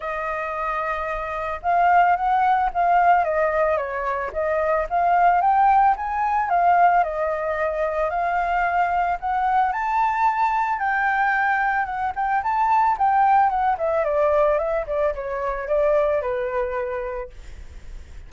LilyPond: \new Staff \with { instrumentName = "flute" } { \time 4/4 \tempo 4 = 111 dis''2. f''4 | fis''4 f''4 dis''4 cis''4 | dis''4 f''4 g''4 gis''4 | f''4 dis''2 f''4~ |
f''4 fis''4 a''2 | g''2 fis''8 g''8 a''4 | g''4 fis''8 e''8 d''4 e''8 d''8 | cis''4 d''4 b'2 | }